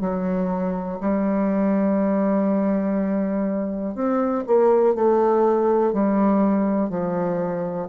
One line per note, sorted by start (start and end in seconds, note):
0.00 0.98 F#3
1.01 3.95 G3
3.95 4.44 C4
4.47 4.95 A#3
4.95 5.93 A3
5.93 6.89 G3
6.89 7.88 F3